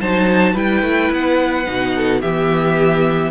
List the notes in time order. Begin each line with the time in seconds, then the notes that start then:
0.00 F#3 D#4 C5 A5
0.52 G3 E4 B4 G5
0.82 A3
1.11 B3 F#5
1.65 B2 D#4
1.95 A4
2.21 E3 B3 G4 E5